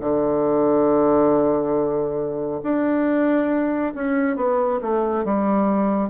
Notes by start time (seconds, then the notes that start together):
0.00 D3
2.63 D4
3.95 C#4
4.36 B3
4.82 A3
5.25 G3